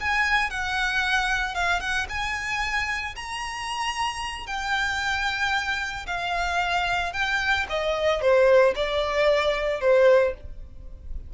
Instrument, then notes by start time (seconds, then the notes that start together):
violin
0.00 G#5
0.50 F#5
1.54 F5
1.80 F#5
2.09 G#5
3.15 A#5
4.46 G5
6.06 F5
7.13 G5
7.69 D#5
8.21 C5
8.75 D5
9.80 C5